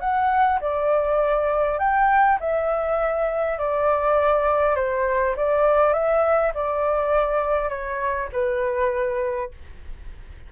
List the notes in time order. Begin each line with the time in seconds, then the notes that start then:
0.00 F#5
0.61 D5
1.79 G5
2.40 E5
3.59 D5
4.76 C5
5.37 D5
5.93 E5
6.55 D5
7.69 C#5
8.33 B4